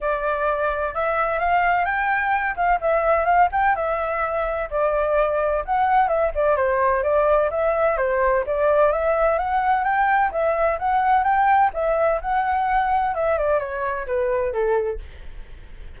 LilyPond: \new Staff \with { instrumentName = "flute" } { \time 4/4 \tempo 4 = 128 d''2 e''4 f''4 | g''4. f''8 e''4 f''8 g''8 | e''2 d''2 | fis''4 e''8 d''8 c''4 d''4 |
e''4 c''4 d''4 e''4 | fis''4 g''4 e''4 fis''4 | g''4 e''4 fis''2 | e''8 d''8 cis''4 b'4 a'4 | }